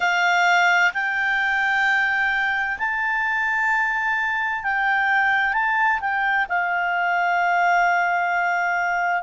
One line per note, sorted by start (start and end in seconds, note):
0.00 0.92 F5
0.93 2.78 G5
2.78 4.63 A5
4.63 5.53 G5
5.53 5.99 A5
6.00 6.46 G5
6.48 9.22 F5